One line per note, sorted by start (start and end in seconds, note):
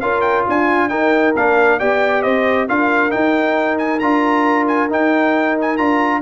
0.00 0.45 C#4
0.00 0.89 F4
0.00 0.46 A#4
0.00 0.21 F5
0.21 0.43 G5
0.47 0.90 D4
0.47 0.90 F4
0.47 0.88 G#5
0.88 1.34 D#4
0.88 1.35 D#4
0.88 1.79 A#4
0.88 1.33 G5
1.36 1.80 A#3
1.36 1.80 D4
1.36 1.79 F5
1.79 2.25 B3
1.79 2.68 G4
1.79 2.23 D5
1.79 2.22 G5
2.22 2.69 C4
2.22 2.67 C5
2.22 2.66 D#5
2.68 3.13 D4
2.68 3.10 F4
2.68 6.22 A#4
2.68 3.11 F5
3.10 3.99 D#4
3.10 4.01 D#4
3.10 3.78 G5
3.78 3.99 G#5
3.99 4.90 D4
3.99 4.89 F4
3.99 4.66 A#5
4.67 4.89 G#5
4.89 5.78 D#4
4.89 5.79 D#4
4.89 5.59 G5
5.61 5.77 G#5
5.77 6.22 D4
5.77 6.22 F4
5.77 6.21 A#5